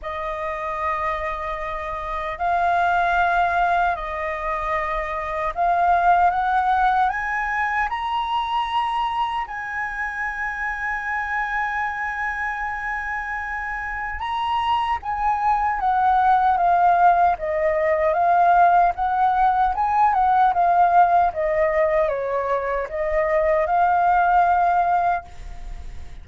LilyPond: \new Staff \with { instrumentName = "flute" } { \time 4/4 \tempo 4 = 76 dis''2. f''4~ | f''4 dis''2 f''4 | fis''4 gis''4 ais''2 | gis''1~ |
gis''2 ais''4 gis''4 | fis''4 f''4 dis''4 f''4 | fis''4 gis''8 fis''8 f''4 dis''4 | cis''4 dis''4 f''2 | }